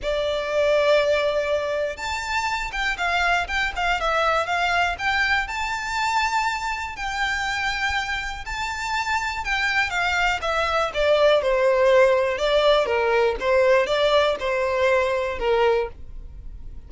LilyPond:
\new Staff \with { instrumentName = "violin" } { \time 4/4 \tempo 4 = 121 d''1 | a''4. g''8 f''4 g''8 f''8 | e''4 f''4 g''4 a''4~ | a''2 g''2~ |
g''4 a''2 g''4 | f''4 e''4 d''4 c''4~ | c''4 d''4 ais'4 c''4 | d''4 c''2 ais'4 | }